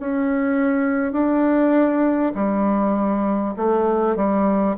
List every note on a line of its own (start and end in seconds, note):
0.00 1.13 C#4
1.13 2.33 D4
2.35 3.55 G3
3.57 4.16 A3
4.16 4.76 G3